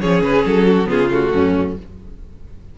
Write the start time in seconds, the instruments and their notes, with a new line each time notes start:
0.00 cello F3, viola C#4, violin G#4 C#5
0.21 cello C#3, violin B4
0.45 cello F#3, violin A4
0.66 violin F#4
0.85 cello C#3, viola B3, violin F4 G#4
1.10 viola A3, violin F#4
1.33 cello F#2, violin C#4